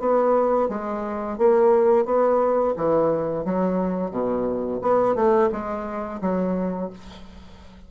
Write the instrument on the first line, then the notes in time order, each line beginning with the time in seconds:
bassoon
0.00 B3
0.69 G#3
1.38 A#3
2.06 B3
2.77 E3
3.45 F#3
4.11 B2
4.82 B3
5.15 A3
5.52 G#3
6.21 F#3